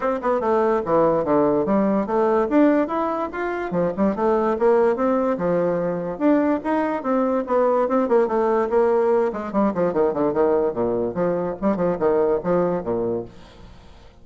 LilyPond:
\new Staff \with { instrumentName = "bassoon" } { \time 4/4 \tempo 4 = 145 c'8 b8 a4 e4 d4 | g4 a4 d'4 e'4 | f'4 f8 g8 a4 ais4 | c'4 f2 d'4 |
dis'4 c'4 b4 c'8 ais8 | a4 ais4. gis8 g8 f8 | dis8 d8 dis4 ais,4 f4 | g8 f8 dis4 f4 ais,4 | }